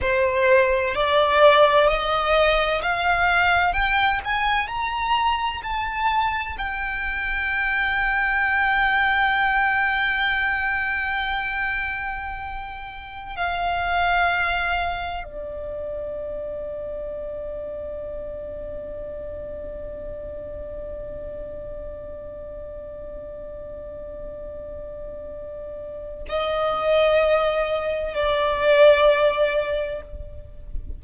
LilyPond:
\new Staff \with { instrumentName = "violin" } { \time 4/4 \tempo 4 = 64 c''4 d''4 dis''4 f''4 | g''8 gis''8 ais''4 a''4 g''4~ | g''1~ | g''2~ g''16 f''4.~ f''16~ |
f''16 d''2.~ d''8.~ | d''1~ | d''1 | dis''2 d''2 | }